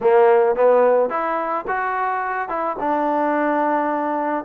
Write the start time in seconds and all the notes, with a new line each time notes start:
0.01 A#3
0.55 B3
1.09 E4
1.67 F#4
2.48 E4
2.79 D4